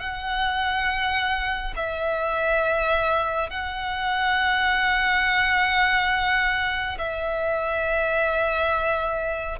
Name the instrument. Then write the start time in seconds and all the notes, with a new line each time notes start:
violin
0.00 F#5
1.76 E5
3.50 F#5
6.98 E5